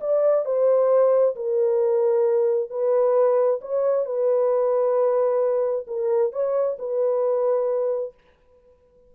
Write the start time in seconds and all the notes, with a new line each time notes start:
0.00 D5
0.45 C5
1.36 A#4
2.70 B4
3.61 C#5
4.05 B4
5.87 A#4
6.32 C#5
6.79 B4